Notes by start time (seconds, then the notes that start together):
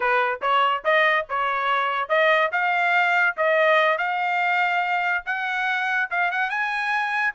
0.00 B4
0.41 C#5
0.84 D#5
1.29 C#5
2.08 D#5
2.52 F5
3.36 D#5
3.98 F5
5.25 F#5
6.10 F5
6.31 F#5
6.50 G#5